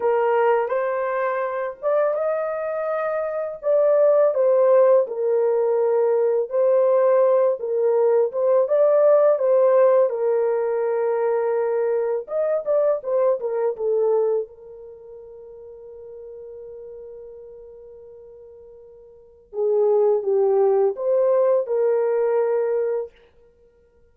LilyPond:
\new Staff \with { instrumentName = "horn" } { \time 4/4 \tempo 4 = 83 ais'4 c''4. d''8 dis''4~ | dis''4 d''4 c''4 ais'4~ | ais'4 c''4. ais'4 c''8 | d''4 c''4 ais'2~ |
ais'4 dis''8 d''8 c''8 ais'8 a'4 | ais'1~ | ais'2. gis'4 | g'4 c''4 ais'2 | }